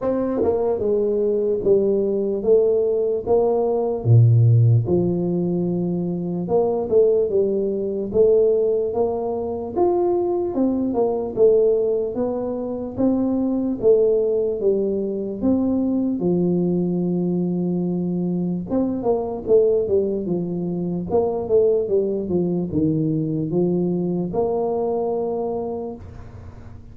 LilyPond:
\new Staff \with { instrumentName = "tuba" } { \time 4/4 \tempo 4 = 74 c'8 ais8 gis4 g4 a4 | ais4 ais,4 f2 | ais8 a8 g4 a4 ais4 | f'4 c'8 ais8 a4 b4 |
c'4 a4 g4 c'4 | f2. c'8 ais8 | a8 g8 f4 ais8 a8 g8 f8 | dis4 f4 ais2 | }